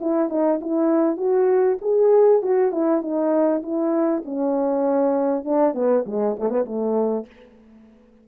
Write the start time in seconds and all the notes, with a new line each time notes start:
0.00 E4
0.29 D#4
0.61 E4
1.17 F#4
1.81 G#4
2.42 F#4
2.71 E4
3.01 D#4
3.62 E4
4.25 C#4
5.44 D4
5.74 B3
6.06 G#3
6.39 A3
6.50 B3
6.65 A3